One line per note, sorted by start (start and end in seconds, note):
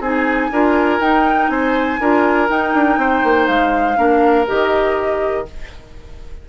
0.00 0.50 C4
0.00 0.52 D#4
0.00 0.50 G#4
0.00 1.01 G#5
0.51 1.00 D4
0.51 1.00 F4
0.51 1.51 A#4
1.00 1.49 D#4
1.00 1.99 D#4
1.00 1.49 G5
1.49 1.98 C4
1.49 2.00 C5
1.49 2.48 G#5
2.00 2.50 D4
2.00 2.48 F4
2.00 2.99 A#4
2.48 3.96 D#4
2.48 2.74 D#4
2.48 3.47 G5
2.74 2.97 D4
2.97 3.22 C4
2.97 3.98 C5
3.24 3.48 A#3
3.47 3.97 G#3
3.47 4.46 F5
3.96 4.47 A#3
3.96 4.45 D4
3.96 5.46 A#4
4.46 5.49 D#3
4.46 5.45 G4
4.46 5.47 D#5